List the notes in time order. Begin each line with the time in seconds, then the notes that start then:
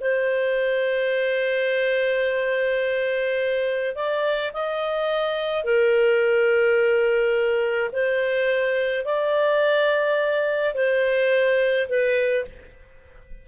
0.00 C5
3.95 D5
4.53 D#5
5.64 A#4
7.92 C5
9.05 D5
10.74 C5
11.88 B4